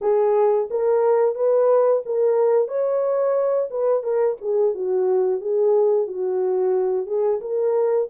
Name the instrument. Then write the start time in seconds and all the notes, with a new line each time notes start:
horn
0.01 G#4
0.70 A#4
1.35 B4
2.05 A#4
2.68 C#5
3.70 B4
4.03 A#4
4.41 G#4
4.74 F#4
5.40 G#4
6.07 F#4
7.06 G#4
7.41 A#4